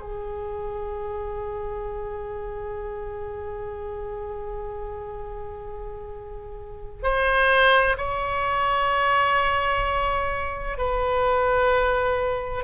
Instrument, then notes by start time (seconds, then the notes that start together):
oboe
0.00 G#4
7.03 C5
7.97 C#5
10.77 B4